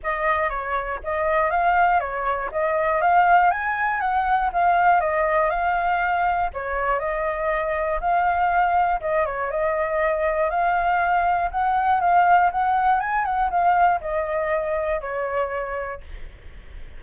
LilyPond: \new Staff \with { instrumentName = "flute" } { \time 4/4 \tempo 4 = 120 dis''4 cis''4 dis''4 f''4 | cis''4 dis''4 f''4 gis''4 | fis''4 f''4 dis''4 f''4~ | f''4 cis''4 dis''2 |
f''2 dis''8 cis''8 dis''4~ | dis''4 f''2 fis''4 | f''4 fis''4 gis''8 fis''8 f''4 | dis''2 cis''2 | }